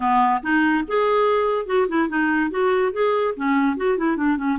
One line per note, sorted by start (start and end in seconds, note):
0.00 0.41 B3
0.42 0.84 D#4
0.87 1.66 G#4
1.66 1.87 F#4
1.88 2.08 E4
2.08 2.50 D#4
2.50 2.92 F#4
2.92 3.34 G#4
3.36 3.77 C#4
3.77 3.97 F#4
3.97 4.16 E4
4.16 4.37 D4
4.37 4.58 C#4